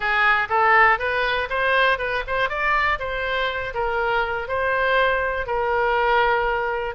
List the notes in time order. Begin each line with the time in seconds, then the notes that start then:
0.00 G#4
0.49 A4
0.98 B4
1.49 C5
1.98 B4
2.27 C5
2.49 D5
2.99 C5
3.73 A#4
4.48 C5
5.46 A#4